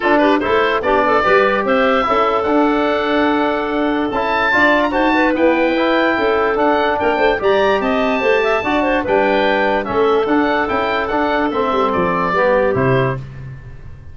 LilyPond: <<
  \new Staff \with { instrumentName = "oboe" } { \time 4/4 \tempo 4 = 146 a'8 b'8 c''4 d''2 | e''2 fis''2~ | fis''2 a''4.~ a''16 ais''16 | a''4 g''2. |
fis''4 g''4 ais''4 a''4~ | a''2 g''2 | e''4 fis''4 g''4 fis''4 | e''4 d''2 c''4 | }
  \new Staff \with { instrumentName = "clarinet" } { \time 4/4 f'8 g'8 a'4 g'8 a'8 b'4 | c''4 a'2.~ | a'2. d''4 | c''8 b'2~ b'8 a'4~ |
a'4 ais'8 c''8 d''4 dis''4 | c''8 e''8 d''8 c''8 b'2 | a'1~ | a'2 g'2 | }
  \new Staff \with { instrumentName = "trombone" } { \time 4/4 d'4 e'4 d'4 g'4~ | g'4 e'4 d'2~ | d'2 e'4 f'4 | fis'4 b4 e'2 |
d'2 g'2~ | g'4 fis'4 d'2 | cis'4 d'4 e'4 d'4 | c'2 b4 e'4 | }
  \new Staff \with { instrumentName = "tuba" } { \time 4/4 d'4 a4 b4 g4 | c'4 cis'4 d'2~ | d'2 cis'4 d'4 | dis'4 e'2 cis'4 |
d'4 ais8 a8 g4 c'4 | a4 d'4 g2 | a4 d'4 cis'4 d'4 | a8 g8 f4 g4 c4 | }
>>